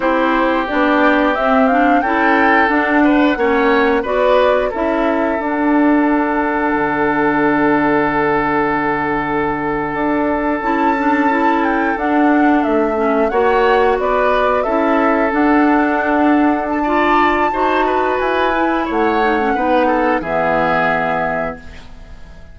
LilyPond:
<<
  \new Staff \with { instrumentName = "flute" } { \time 4/4 \tempo 4 = 89 c''4 d''4 e''8 f''8 g''4 | fis''2 d''4 e''4 | fis''1~ | fis''2.~ fis''8. a''16~ |
a''4~ a''16 g''8 fis''4 e''4 fis''16~ | fis''8. d''4 e''4 fis''4~ fis''16~ | fis''8. a''2~ a''16 gis''4 | fis''2 e''2 | }
  \new Staff \with { instrumentName = "oboe" } { \time 4/4 g'2. a'4~ | a'8 b'8 cis''4 b'4 a'4~ | a'1~ | a'1~ |
a'2.~ a'8. cis''16~ | cis''8. b'4 a'2~ a'16~ | a'4 d''4 c''8 b'4. | cis''4 b'8 a'8 gis'2 | }
  \new Staff \with { instrumentName = "clarinet" } { \time 4/4 e'4 d'4 c'8 d'8 e'4 | d'4 cis'4 fis'4 e'4 | d'1~ | d'2.~ d'8. e'16~ |
e'16 d'8 e'4 d'4. cis'8 fis'16~ | fis'4.~ fis'16 e'4 d'4~ d'16~ | d'4 f'4 fis'4. e'8~ | e'8 dis'16 cis'16 dis'4 b2 | }
  \new Staff \with { instrumentName = "bassoon" } { \time 4/4 c'4 b4 c'4 cis'4 | d'4 ais4 b4 cis'4 | d'2 d2~ | d2~ d8. d'4 cis'16~ |
cis'4.~ cis'16 d'4 a4 ais16~ | ais8. b4 cis'4 d'4~ d'16~ | d'2 dis'4 e'4 | a4 b4 e2 | }
>>